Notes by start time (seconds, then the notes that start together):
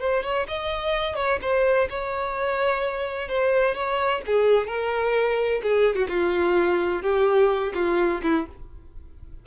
0.00 C5
0.23 C#5
0.48 D#5
1.16 C#5
1.42 C5
1.90 C#5
3.29 C5
3.75 C#5
4.27 G#4
4.67 A#4
5.63 G#4
5.96 F#4
6.09 F4
7.03 G4
7.74 F4
8.23 E4